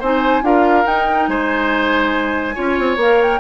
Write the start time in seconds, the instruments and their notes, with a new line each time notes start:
0.00 bassoon C4, clarinet D#4, oboe C5, flute G#5
0.42 bassoon D4, clarinet F4, oboe A#4, flute F5
0.84 clarinet D#4, bassoon D#4, flute G5
1.28 bassoon G#3, oboe C5, flute G#5
2.55 bassoon C#4, clarinet F4, oboe C#5
2.79 bassoon C4
2.97 bassoon A#3, clarinet A#4, flute F5
3.23 flute G5